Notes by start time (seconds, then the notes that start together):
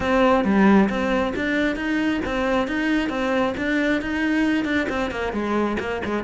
0.00 C4
0.44 G3
0.89 C4
1.35 D4
1.76 D#4
2.25 C4
2.67 D#4
3.09 C4
3.57 D4
4.01 D#4
4.64 D4
4.89 C4
5.11 A#3
5.32 G#3
5.79 A#3
6.04 G#3